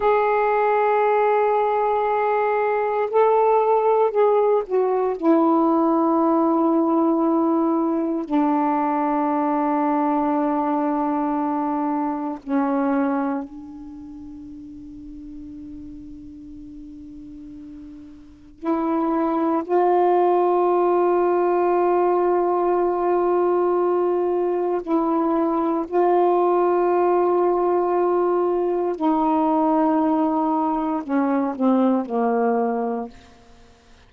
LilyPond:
\new Staff \with { instrumentName = "saxophone" } { \time 4/4 \tempo 4 = 58 gis'2. a'4 | gis'8 fis'8 e'2. | d'1 | cis'4 d'2.~ |
d'2 e'4 f'4~ | f'1 | e'4 f'2. | dis'2 cis'8 c'8 ais4 | }